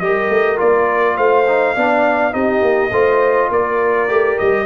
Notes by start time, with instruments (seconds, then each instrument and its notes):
0.00 tuba G3, trombone G4, horn A#4, trumpet D#5
0.30 tuba A3
0.57 tuba A#3, trombone F4, trumpet D5
1.17 tuba A3, horn C5, trumpet F5
1.48 trombone D#4
1.76 tuba B3, trombone D4, horn D5
2.32 tuba C4, trombone D#4, horn G4, trumpet D#5
2.62 tuba A#3
2.92 tuba A3, trombone F4, horn C5
3.51 tuba A#3, horn A#4, trumpet D5
4.08 tuba A3, trombone G4
4.39 tuba G3, trumpet D#5